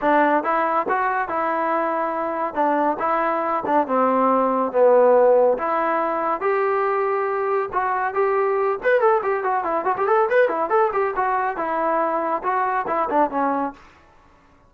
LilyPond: \new Staff \with { instrumentName = "trombone" } { \time 4/4 \tempo 4 = 140 d'4 e'4 fis'4 e'4~ | e'2 d'4 e'4~ | e'8 d'8 c'2 b4~ | b4 e'2 g'4~ |
g'2 fis'4 g'4~ | g'8 b'8 a'8 g'8 fis'8 e'8 fis'16 g'16 a'8 | b'8 e'8 a'8 g'8 fis'4 e'4~ | e'4 fis'4 e'8 d'8 cis'4 | }